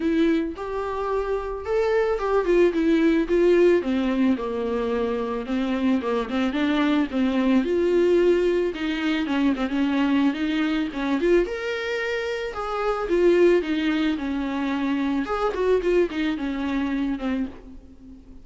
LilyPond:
\new Staff \with { instrumentName = "viola" } { \time 4/4 \tempo 4 = 110 e'4 g'2 a'4 | g'8 f'8 e'4 f'4 c'4 | ais2 c'4 ais8 c'8 | d'4 c'4 f'2 |
dis'4 cis'8 c'16 cis'4~ cis'16 dis'4 | cis'8 f'8 ais'2 gis'4 | f'4 dis'4 cis'2 | gis'8 fis'8 f'8 dis'8 cis'4. c'8 | }